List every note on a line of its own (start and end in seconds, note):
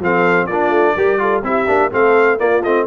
0.00 0.48 F3
0.00 0.50 C4
0.00 0.47 A4
0.00 0.47 F5
0.47 0.70 A#3
0.47 0.98 D4
0.47 0.95 F4
0.47 1.42 D5
0.70 0.94 A3
0.96 1.43 G3
0.96 1.19 G4
0.96 1.20 A#4
1.19 1.43 F4
1.19 1.45 A4
1.43 1.67 C4
1.43 1.67 E4
1.43 1.91 G4
1.43 1.93 E5
1.67 1.92 A#3
1.67 1.91 D4
1.91 2.41 A3
1.91 2.39 C4
1.91 2.39 A4
1.91 2.39 F5
2.39 2.62 A#3
2.39 2.64 A#3
2.39 2.87 F4
2.39 2.63 D5
2.63 2.87 A3
2.63 2.87 C4
2.63 2.87 D#5